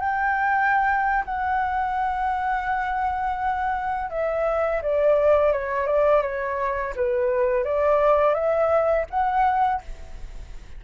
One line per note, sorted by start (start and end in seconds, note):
0.00 1.25 G5
1.25 4.11 F#5
4.11 4.82 E5
4.82 5.53 D5
5.53 5.87 C#5
5.87 6.23 D5
6.23 6.94 C#5
6.96 7.65 B4
7.65 8.35 D5
8.35 9.06 E5
9.10 9.82 F#5